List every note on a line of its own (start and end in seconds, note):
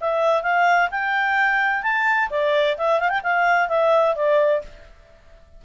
0.00 0.42 E5
0.42 0.89 F5
0.90 1.82 G5
1.82 2.29 A5
2.30 2.76 D5
2.77 3.00 E5
3.00 3.09 F5
3.09 3.21 G5
3.23 3.68 F5
3.68 4.15 E5
4.15 4.62 D5